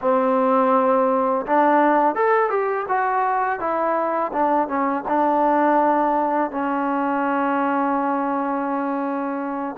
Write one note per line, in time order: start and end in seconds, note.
0.01 1.46 C4
1.46 2.15 D4
2.15 2.49 A4
2.49 2.86 G4
2.88 3.59 F#4
3.59 4.31 E4
4.32 4.68 D4
4.68 5.04 C#4
5.08 6.50 D4
6.50 9.76 C#4